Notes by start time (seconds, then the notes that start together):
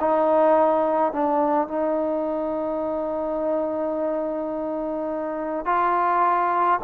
0.00 D#4
1.12 D4
1.68 D#4
5.65 F4